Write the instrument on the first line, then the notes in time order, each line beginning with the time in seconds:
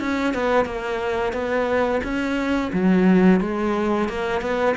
cello
0.00 C#4
0.34 B3
0.65 A#3
1.33 B3
2.04 C#4
2.73 F#3
3.41 G#3
4.09 A#3
4.41 B3